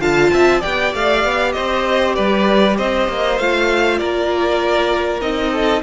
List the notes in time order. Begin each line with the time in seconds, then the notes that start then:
0.00 D3 F4 F5 A5
0.33 C4 E5
0.60 B3 G4 D5 G5
0.94 A3 F5
1.24 B3
1.52 C4 C5 D#5
2.15 G3 B4 D5
2.77 C4 C5 D#5
3.08 A#3
3.38 A3 F4 F5
3.98 A#3 A#4 D5
5.20 C4 D#4 D#5
5.52 A4